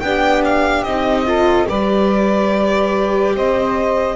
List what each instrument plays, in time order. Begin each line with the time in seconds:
0.00 double bass B3, viola D4, saxophone G4, violin G5
0.45 violin F5
0.83 double bass C4, viola D#4, violin D#5
1.26 viola F4, saxophone A4
1.69 double bass G3, viola G4, saxophone B4, violin D5
3.35 double bass C4, saxophone C5, violin D#5